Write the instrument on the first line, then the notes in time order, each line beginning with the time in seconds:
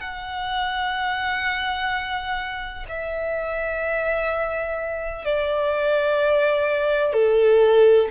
violin
0.00 F#5
2.88 E5
5.25 D5
7.13 A4